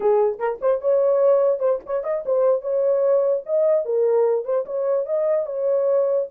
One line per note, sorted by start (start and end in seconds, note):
0.00 0.38 G#4
0.39 0.59 A#4
0.61 0.81 C5
0.81 1.59 C#5
1.59 1.79 C5
1.85 2.03 C#5
2.03 2.24 D#5
2.25 2.61 C5
2.61 3.42 C#5
3.46 3.85 D#5
3.85 4.44 A#4
4.44 4.65 C5
4.65 5.06 C#5
5.06 5.46 D#5
5.46 6.27 C#5